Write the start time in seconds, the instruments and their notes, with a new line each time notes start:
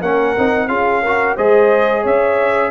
0.00 tuba A#3, trombone C#4, horn A#4, trumpet F#5
0.37 tuba C4, trombone D#4
0.68 tuba C#4, trombone F4, horn G#4, trumpet F5
1.02 trombone F#4, horn A#4
1.36 tuba G#3, trombone G#4, horn C5, trumpet D#5
2.02 tuba C#4, horn C#5, trumpet E5